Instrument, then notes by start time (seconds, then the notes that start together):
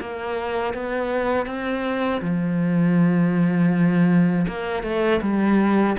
cello
0.00 A#3
0.74 B3
1.46 C4
2.21 F3
4.48 A#3
4.83 A3
5.22 G3